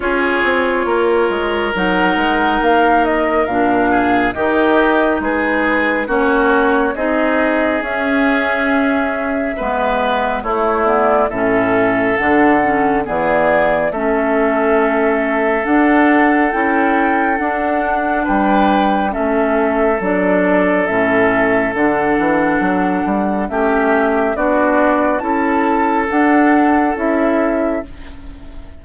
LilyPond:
<<
  \new Staff \with { instrumentName = "flute" } { \time 4/4 \tempo 4 = 69 cis''2 fis''4 f''8 dis''8 | f''4 dis''4 b'4 cis''4 | dis''4 e''2. | cis''8 d''8 e''4 fis''4 d''4 |
e''2 fis''4 g''4 | fis''4 g''4 e''4 d''4 | e''4 fis''2 e''4 | d''4 a''4 fis''4 e''4 | }
  \new Staff \with { instrumentName = "oboe" } { \time 4/4 gis'4 ais'2.~ | ais'8 gis'8 g'4 gis'4 fis'4 | gis'2. b'4 | e'4 a'2 gis'4 |
a'1~ | a'4 b'4 a'2~ | a'2. g'4 | fis'4 a'2. | }
  \new Staff \with { instrumentName = "clarinet" } { \time 4/4 f'2 dis'2 | d'4 dis'2 cis'4 | dis'4 cis'2 b4 | a8 b8 cis'4 d'8 cis'8 b4 |
cis'2 d'4 e'4 | d'2 cis'4 d'4 | cis'4 d'2 cis'4 | d'4 e'4 d'4 e'4 | }
  \new Staff \with { instrumentName = "bassoon" } { \time 4/4 cis'8 c'8 ais8 gis8 fis8 gis8 ais4 | ais,4 dis4 gis4 ais4 | c'4 cis'2 gis4 | a4 a,4 d4 e4 |
a2 d'4 cis'4 | d'4 g4 a4 fis4 | a,4 d8 e8 fis8 g8 a4 | b4 cis'4 d'4 cis'4 | }
>>